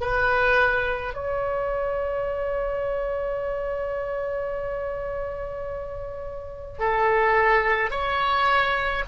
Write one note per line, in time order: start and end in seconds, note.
0.00 1.13 B4
1.13 6.79 C#5
6.79 7.90 A4
7.90 9.03 C#5